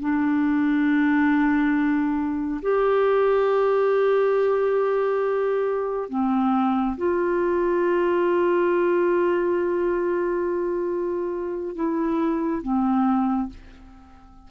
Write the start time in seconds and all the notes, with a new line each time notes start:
0.00 D4
2.62 G4
6.09 C4
6.97 F4
11.75 E4
12.62 C4